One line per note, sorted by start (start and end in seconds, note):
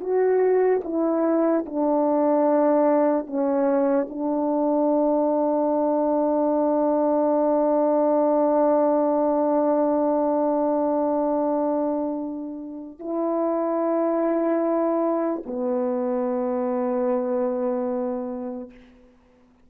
0.00 0.81 F#4
0.84 1.65 E4
1.66 3.27 D4
3.27 4.08 C#4
4.09 12.99 D4
12.99 15.42 E4
15.46 18.70 B3